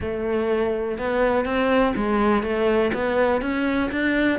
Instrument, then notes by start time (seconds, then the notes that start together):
cello
0.00 A3
0.98 B3
1.45 C4
1.96 G#3
2.43 A3
2.93 B3
3.41 C#4
3.91 D4